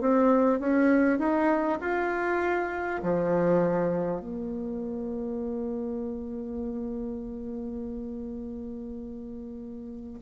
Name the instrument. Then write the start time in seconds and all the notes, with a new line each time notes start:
bassoon
0.00 C4
0.59 C#4
1.18 D#4
1.81 F4
3.02 F3
4.20 A#3